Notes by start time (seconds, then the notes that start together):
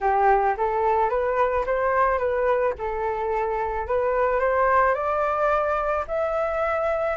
0.01 G4
0.57 A4
1.09 B4
1.65 C5
2.18 B4
2.78 A4
3.87 B4
4.39 C5
4.94 D5
6.07 E5